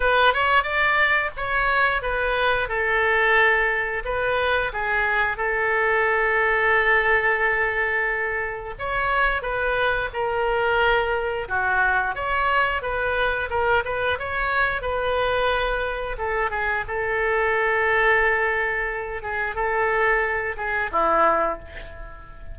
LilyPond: \new Staff \with { instrumentName = "oboe" } { \time 4/4 \tempo 4 = 89 b'8 cis''8 d''4 cis''4 b'4 | a'2 b'4 gis'4 | a'1~ | a'4 cis''4 b'4 ais'4~ |
ais'4 fis'4 cis''4 b'4 | ais'8 b'8 cis''4 b'2 | a'8 gis'8 a'2.~ | a'8 gis'8 a'4. gis'8 e'4 | }